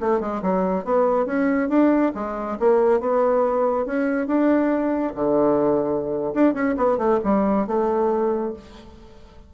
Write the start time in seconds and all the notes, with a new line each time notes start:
0.00 A3
0.20 G#3
0.42 F#3
0.84 B3
1.25 C#4
1.69 D4
2.14 G#3
2.59 A#3
3.00 B3
3.85 C#4
4.27 D4
5.15 D3
6.34 D4
6.54 C#4
6.77 B3
6.97 A3
7.23 G3
7.67 A3